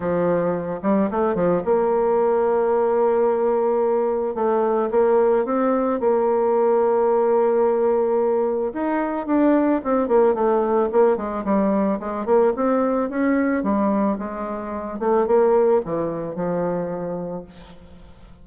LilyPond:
\new Staff \with { instrumentName = "bassoon" } { \time 4/4 \tempo 4 = 110 f4. g8 a8 f8 ais4~ | ais1 | a4 ais4 c'4 ais4~ | ais1 |
dis'4 d'4 c'8 ais8 a4 | ais8 gis8 g4 gis8 ais8 c'4 | cis'4 g4 gis4. a8 | ais4 e4 f2 | }